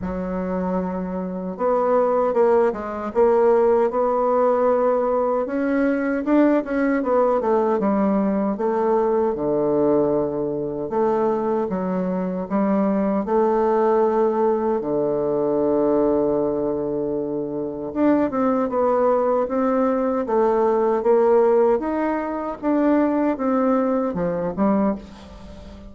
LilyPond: \new Staff \with { instrumentName = "bassoon" } { \time 4/4 \tempo 4 = 77 fis2 b4 ais8 gis8 | ais4 b2 cis'4 | d'8 cis'8 b8 a8 g4 a4 | d2 a4 fis4 |
g4 a2 d4~ | d2. d'8 c'8 | b4 c'4 a4 ais4 | dis'4 d'4 c'4 f8 g8 | }